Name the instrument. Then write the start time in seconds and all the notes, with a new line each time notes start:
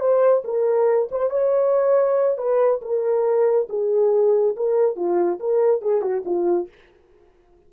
horn
0.00 C5
0.44 A#4
1.11 C5
1.30 C#5
2.38 B4
2.81 A#4
3.69 G#4
4.56 A#4
4.96 F4
5.40 A#4
5.82 G#4
6.02 F#4
6.25 F4